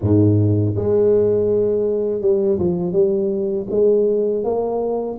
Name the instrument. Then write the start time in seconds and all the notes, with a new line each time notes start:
tuba
0.01 G#2
0.75 G#3
2.21 G3
2.58 F3
2.92 G3
3.70 G#3
4.43 A#3